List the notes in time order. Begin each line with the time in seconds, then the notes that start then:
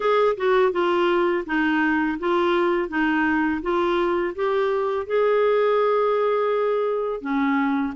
0.00 G#4
0.36 F#4
0.72 F4
1.46 D#4
2.19 F4
2.88 D#4
3.61 F4
4.35 G4
5.06 G#4
7.21 C#4